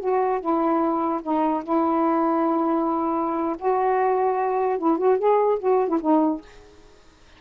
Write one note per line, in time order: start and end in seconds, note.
0.00 0.41 F#4
0.41 1.22 E4
1.23 1.63 D#4
1.64 3.57 E4
3.59 4.79 F#4
4.79 4.98 E4
4.98 5.19 F#4
5.19 5.59 G#4
5.59 5.89 F#4
5.89 5.99 E4
6.01 6.41 D#4